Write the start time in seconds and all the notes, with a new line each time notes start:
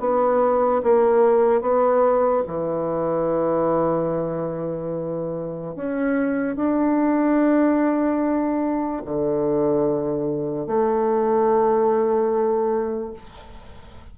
0.00 B3
0.83 A#3
1.61 B3
2.47 E3
5.76 C#4
6.56 D4
9.05 D3
10.67 A3